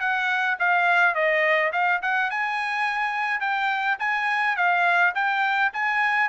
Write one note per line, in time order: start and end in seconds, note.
0.00 0.57 F#5
0.59 1.15 F5
1.15 1.72 D#5
1.72 2.01 F5
2.02 2.30 F#5
2.30 3.41 G#5
3.41 3.98 G5
3.99 4.56 G#5
4.56 5.14 F5
5.15 5.72 G5
5.73 6.29 G#5